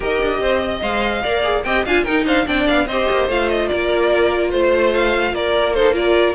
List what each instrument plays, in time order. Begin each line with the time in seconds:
0.00 cello D#4, viola G4, violin A#4 D#5
0.21 cello D4
0.39 cello C4, violin C5
0.63 violin D#5
0.81 cello G#3, viola C5, violin F5
1.22 cello A#3, viola A#4, violin D5
1.43 viola G#4
1.63 cello C4, viola G4, violin D#5 G5
1.85 cello D4, viola F4, violin F5 G#5
2.03 viola D#4, cello D#4, violin A#4 G5
2.24 cello D4, violin C5 F5
2.45 cello C4, viola D4, violin D5 G5
2.67 cello B3, violin F5
2.87 cello C4, viola G4, violin C5 D#5
3.10 cello A#3
3.28 cello A3, viola F4, violin F5
3.49 violin D#5
3.68 cello A#3, violin A#4 D5
4.50 cello A3, violin C5
4.93 violin F5
5.32 cello A#3, violin A#4 D5
5.74 viola D#4, violin A4 C5
5.92 viola F4, violin A#4 D5